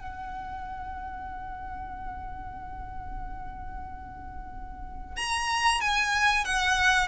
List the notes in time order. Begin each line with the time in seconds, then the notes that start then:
0.00 F#5
5.16 A#5
5.81 G#5
6.45 F#5